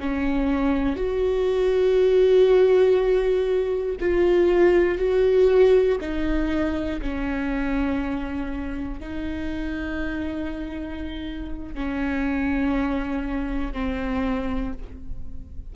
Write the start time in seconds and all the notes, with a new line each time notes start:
0.00 C#4
0.96 F#4
4.00 F4
4.99 F#4
6.01 D#4
7.01 C#4
9.00 D#4
11.75 C#4
13.74 C4